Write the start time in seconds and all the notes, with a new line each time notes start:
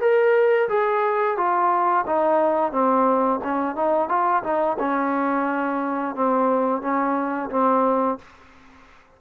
0.00 A#4
0.68 G#4
1.37 F4
2.06 D#4
2.71 C4
3.43 C#4
3.75 D#4
4.08 F4
4.43 D#4
4.79 C#4
6.15 C4
6.81 C#4
7.50 C4